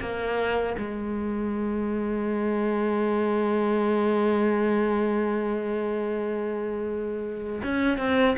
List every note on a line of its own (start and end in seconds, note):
0.00 0.76 A#3
0.78 7.61 G#3
7.63 7.97 C#4
7.97 8.35 C4